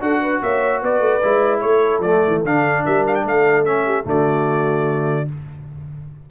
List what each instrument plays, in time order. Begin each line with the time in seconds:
0.00 tuba D4, trombone F#4, horn A4, trumpet F#5
0.22 horn B4
0.42 tuba A#3, horn C#5, trumpet E5
0.82 tuba B3, horn B4, trumpet D5
1.00 tuba A3
1.22 tuba G#3, trombone E4
1.60 tuba A3, horn A4, trumpet C#5
1.99 tuba F3, trombone A3, trumpet D5
2.27 tuba E3
2.44 tuba D3, trombone D4, trumpet F5
2.85 tuba G3, horn A#4, trumpet E5
3.07 trumpet F5
3.15 trumpet G5
3.24 tuba A3, horn A4, trumpet F5
3.65 trombone C#4, trumpet E5
3.85 horn G4
4.04 tuba D3, trombone A3, horn F#4, trumpet D5